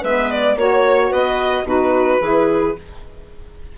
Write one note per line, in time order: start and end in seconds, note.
0.00 0.56 G#3
0.00 0.58 B3
0.00 0.55 B4
0.00 0.30 E5
0.30 0.58 D5
0.56 1.10 A#3
0.56 1.65 F#4
0.56 1.09 C#5
0.56 1.12 C#5
1.09 1.63 B3
1.09 1.64 B4
1.09 1.67 D#5
1.63 2.18 B2
1.63 2.19 D#4
1.63 2.20 F#4
1.63 2.77 B4
2.20 2.74 E3
2.20 2.75 E4
2.20 2.75 G#4